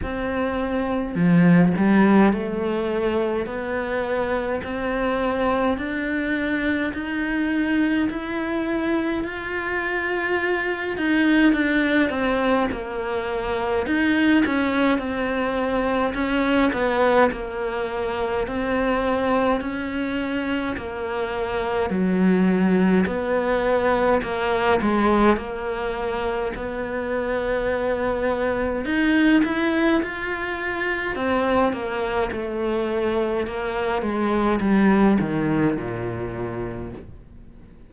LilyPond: \new Staff \with { instrumentName = "cello" } { \time 4/4 \tempo 4 = 52 c'4 f8 g8 a4 b4 | c'4 d'4 dis'4 e'4 | f'4. dis'8 d'8 c'8 ais4 | dis'8 cis'8 c'4 cis'8 b8 ais4 |
c'4 cis'4 ais4 fis4 | b4 ais8 gis8 ais4 b4~ | b4 dis'8 e'8 f'4 c'8 ais8 | a4 ais8 gis8 g8 dis8 ais,4 | }